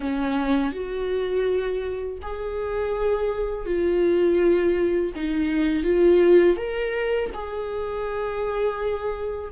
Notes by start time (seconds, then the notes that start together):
0.00 C#4
0.72 F#4
2.22 G#4
3.65 F4
5.15 D#4
5.83 F4
6.56 A#4
7.34 G#4